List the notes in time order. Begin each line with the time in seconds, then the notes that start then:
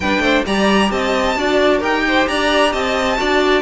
0.00 G3 D4 B4 G5
0.18 A3 C5
0.46 G3 G4 D5 A#5
0.91 C4 D#5 A5
1.36 D4 F#4 D5
1.78 D#4 G4 A#4 G5
2.07 C5
2.27 D4 D5 A#5
2.72 C4 D#5 A5
3.16 D4 F#4 D5